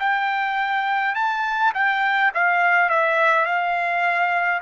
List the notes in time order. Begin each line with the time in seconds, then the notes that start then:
0.00 G5
1.15 A5
1.74 G5
2.34 F5
2.90 E5
3.46 F5